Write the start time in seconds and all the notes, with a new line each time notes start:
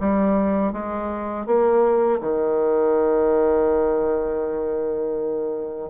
0.00 G3
0.73 G#3
1.46 A#3
2.21 D#3